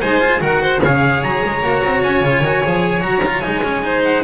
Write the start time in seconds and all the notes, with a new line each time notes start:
0.00 G#3 D#4 C5 G#5
0.20 F4
0.40 D#3 F#4 A#4 F#5
0.61 C5
0.82 C#3 G#4 C#5 F5
1.23 F#3 A#5
1.45 G#3
1.61 A#3 F#4
1.83 C4
2.03 C#4 G#5
2.21 C#3 F4
2.41 D#3 F#4
2.63 F3 G#4
3.00 F#3 F#4 A#5
3.26 F4
3.41 G#3 D#4 G#5
3.63 C#4
3.82 D#4 C5
4.05 F#5